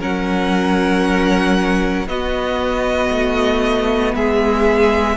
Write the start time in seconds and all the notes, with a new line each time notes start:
0.00 F#3 C#4 A#4 F#5
2.06 B3 F#4 D#5
3.11 A3
4.14 G#3 G#4 E5